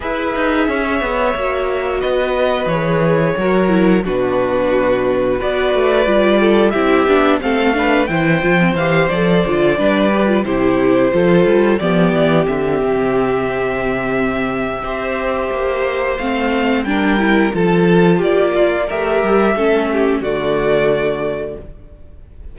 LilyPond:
<<
  \new Staff \with { instrumentName = "violin" } { \time 4/4 \tempo 4 = 89 e''2. dis''4 | cis''2 b'2 | d''2 e''4 f''4 | g''4 f''8 d''2 c''8~ |
c''4. d''4 e''4.~ | e''1 | f''4 g''4 a''4 d''4 | e''2 d''2 | }
  \new Staff \with { instrumentName = "violin" } { \time 4/4 b'4 cis''2 b'4~ | b'4 ais'4 fis'2 | b'4. a'8 g'4 a'8 b'8 | c''2~ c''8 b'4 g'8~ |
g'8 a'4 g'2~ g'8~ | g'2 c''2~ | c''4 ais'4 a'4 g'8 f'8 | ais'4 a'8 g'8 fis'2 | }
  \new Staff \with { instrumentName = "viola" } { \time 4/4 gis'2 fis'2 | gis'4 fis'8 e'8 d'2 | fis'4 f'4 e'8 d'8 c'8 d'8 | e'8 f'16 c'16 g'8 a'8 f'8 d'8 g'16 f'16 e'8~ |
e'8 f'4 b4 c'4.~ | c'2 g'2 | c'4 d'8 e'8 f'2 | g'4 cis'4 a2 | }
  \new Staff \with { instrumentName = "cello" } { \time 4/4 e'8 dis'8 cis'8 b8 ais4 b4 | e4 fis4 b,2 | b8 a8 g4 c'8 b8 a4 | e8 f8 e8 f8 d8 g4 c8~ |
c8 f8 g8 f8 e8 d8 c4~ | c2 c'4 ais4 | a4 g4 f4 ais4 | a8 g8 a4 d2 | }
>>